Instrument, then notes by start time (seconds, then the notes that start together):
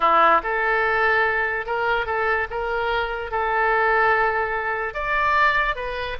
oboe
0.00 E4
0.43 A4
1.66 A#4
2.06 A4
2.50 A#4
3.31 A4
4.94 D5
5.75 B4